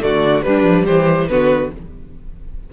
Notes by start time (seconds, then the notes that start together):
0.00 D3 A3 F#4 D5
0.42 G3 D4 B4
0.63 F3
0.85 E3 G4 C5
1.28 D3 B3 F#4 B4